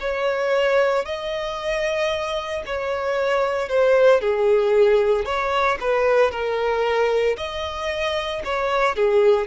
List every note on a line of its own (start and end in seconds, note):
0.00 1.05 C#5
1.05 2.63 D#5
2.66 3.68 C#5
3.68 4.21 C5
4.21 5.25 G#4
5.25 5.78 C#5
5.80 6.31 B4
6.31 7.36 A#4
7.37 8.42 D#5
8.44 8.95 C#5
8.95 9.47 G#4